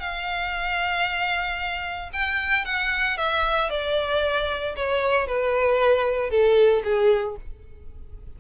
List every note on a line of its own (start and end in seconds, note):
0.00 2.11 F5
2.13 2.65 G5
2.65 3.17 F#5
3.17 3.70 E5
3.70 4.75 D5
4.76 5.27 C#5
5.27 6.30 B4
6.30 6.83 A4
6.84 7.36 G#4